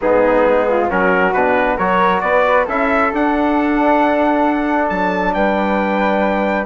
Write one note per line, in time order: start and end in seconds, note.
0.01 0.45 G#2
0.01 0.88 B3
0.01 0.68 D#4
0.01 0.90 G#4
0.45 0.89 G#3
0.68 0.90 F4
0.88 1.34 F#3
0.88 1.33 C#4
0.88 1.77 F#4
0.88 1.33 A#4
1.33 1.78 B2
1.33 1.78 D4
1.33 1.77 B4
1.77 2.21 F#3
1.77 2.67 F#4
1.77 2.21 A#4
1.77 2.20 C#5
2.20 2.66 B3
2.20 2.65 B4
2.20 2.64 D5
2.65 3.12 C#4
2.65 3.12 E4
2.65 5.32 A4
2.65 3.13 E5
3.12 6.65 D4
3.12 4.90 D4
3.12 4.89 F#5
4.89 5.35 F#3
4.89 5.33 A5
5.34 6.65 G3
5.34 6.65 B4
5.34 6.65 G5